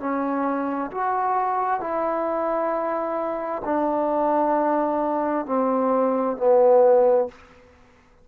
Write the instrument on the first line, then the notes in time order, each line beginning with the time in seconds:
trombone
0.00 C#4
0.91 F#4
1.81 E4
3.65 D4
5.46 C4
6.38 B3